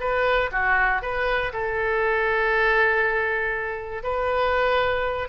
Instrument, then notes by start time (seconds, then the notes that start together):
oboe
0.00 B4
0.52 F#4
1.02 B4
1.53 A4
4.03 B4